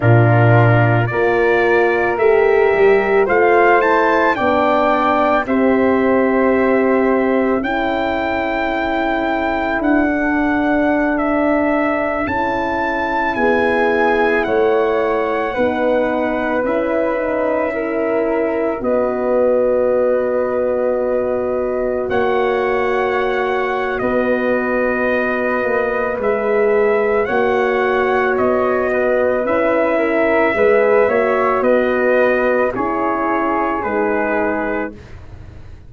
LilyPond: <<
  \new Staff \with { instrumentName = "trumpet" } { \time 4/4 \tempo 4 = 55 ais'4 d''4 e''4 f''8 a''8 | g''4 e''2 g''4~ | g''4 fis''4~ fis''16 e''4 a''8.~ | a''16 gis''4 fis''2 e''8.~ |
e''4~ e''16 dis''2~ dis''8.~ | dis''16 fis''4.~ fis''16 dis''2 | e''4 fis''4 dis''4 e''4~ | e''4 dis''4 cis''4 b'4 | }
  \new Staff \with { instrumentName = "flute" } { \time 4/4 f'4 ais'2 c''4 | d''4 c''2 a'4~ | a'1~ | a'16 gis'4 cis''4 b'4.~ b'16~ |
b'16 ais'4 b'2~ b'8.~ | b'16 cis''4.~ cis''16 b'2~ | b'4 cis''4. b'4 ais'8 | b'8 cis''8 b'4 gis'2 | }
  \new Staff \with { instrumentName = "horn" } { \time 4/4 d'4 f'4 g'4 f'8 e'8 | d'4 g'2 e'4~ | e'4~ e'16 d'2 e'8.~ | e'2~ e'16 dis'4 e'8 dis'16~ |
dis'16 e'4 fis'2~ fis'8.~ | fis'1 | gis'4 fis'2 e'4 | gis'8 fis'4. e'4 dis'4 | }
  \new Staff \with { instrumentName = "tuba" } { \time 4/4 ais,4 ais4 a8 g8 a4 | b4 c'2 cis'4~ | cis'4 d'2~ d'16 cis'8.~ | cis'16 b4 a4 b4 cis'8.~ |
cis'4~ cis'16 b2~ b8.~ | b16 ais4.~ ais16 b4. ais8 | gis4 ais4 b4 cis'4 | gis8 ais8 b4 cis'4 gis4 | }
>>